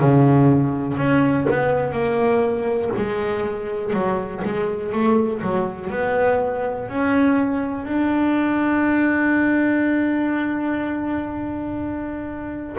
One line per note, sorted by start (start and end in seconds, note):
0.00 0.98 C#3
0.98 1.47 C#4
1.50 1.93 B3
1.93 2.91 A#3
2.97 3.94 G#3
3.94 4.43 F#3
4.45 4.92 G#3
4.92 5.41 A3
5.42 5.91 F#3
5.91 6.89 B3
6.89 7.85 C#4
7.85 12.77 D4